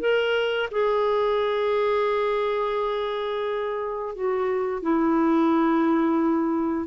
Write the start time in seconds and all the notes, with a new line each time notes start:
0.00 A#4
0.71 G#4
4.15 F#4
4.82 E4